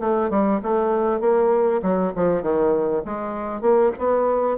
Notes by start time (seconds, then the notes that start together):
0.00 A3
0.30 G3
0.63 A3
1.20 A#3
1.82 F#3
2.15 F3
2.42 D#3
3.05 G#3
3.61 A#3
3.98 B3